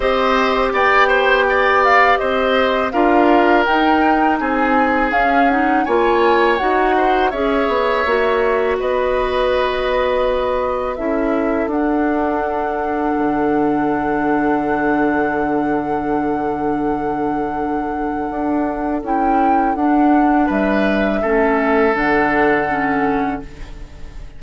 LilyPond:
<<
  \new Staff \with { instrumentName = "flute" } { \time 4/4 \tempo 4 = 82 dis''4 g''4. f''8 dis''4 | f''4 g''4 gis''4 f''8 fis''8 | gis''4 fis''4 e''2 | dis''2. e''4 |
fis''1~ | fis''1~ | fis''2 g''4 fis''4 | e''2 fis''2 | }
  \new Staff \with { instrumentName = "oboe" } { \time 4/4 c''4 d''8 c''8 d''4 c''4 | ais'2 gis'2 | cis''4. c''8 cis''2 | b'2. a'4~ |
a'1~ | a'1~ | a'1 | b'4 a'2. | }
  \new Staff \with { instrumentName = "clarinet" } { \time 4/4 g'1 | f'4 dis'2 cis'8 dis'8 | f'4 fis'4 gis'4 fis'4~ | fis'2. e'4 |
d'1~ | d'1~ | d'2 e'4 d'4~ | d'4 cis'4 d'4 cis'4 | }
  \new Staff \with { instrumentName = "bassoon" } { \time 4/4 c'4 b2 c'4 | d'4 dis'4 c'4 cis'4 | ais4 dis'4 cis'8 b8 ais4 | b2. cis'4 |
d'2 d2~ | d1~ | d4 d'4 cis'4 d'4 | g4 a4 d2 | }
>>